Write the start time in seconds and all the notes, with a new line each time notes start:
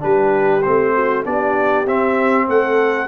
0.00 G3 D4 G4 B4
0.63 A3 C4 C5
0.94 F#4
1.25 B3 D4 G4 D5
1.87 C4 E5
2.48 A3 A4 F#5